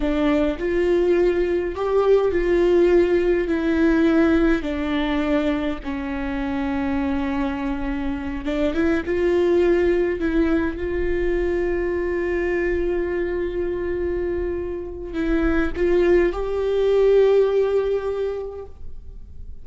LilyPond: \new Staff \with { instrumentName = "viola" } { \time 4/4 \tempo 4 = 103 d'4 f'2 g'4 | f'2 e'2 | d'2 cis'2~ | cis'2~ cis'8 d'8 e'8 f'8~ |
f'4. e'4 f'4.~ | f'1~ | f'2 e'4 f'4 | g'1 | }